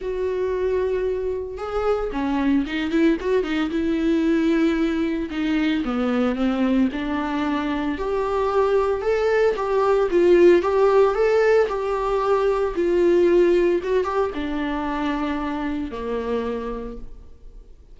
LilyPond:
\new Staff \with { instrumentName = "viola" } { \time 4/4 \tempo 4 = 113 fis'2. gis'4 | cis'4 dis'8 e'8 fis'8 dis'8 e'4~ | e'2 dis'4 b4 | c'4 d'2 g'4~ |
g'4 a'4 g'4 f'4 | g'4 a'4 g'2 | f'2 fis'8 g'8 d'4~ | d'2 ais2 | }